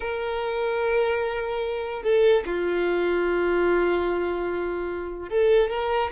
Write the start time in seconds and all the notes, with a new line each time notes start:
0.00 A#4
2.02 A4
2.46 F4
5.29 A4
5.70 A#4